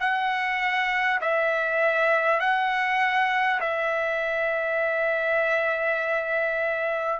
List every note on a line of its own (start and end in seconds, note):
0.00 1.20 F#5
1.21 2.40 E5
2.40 3.60 F#5
3.60 7.19 E5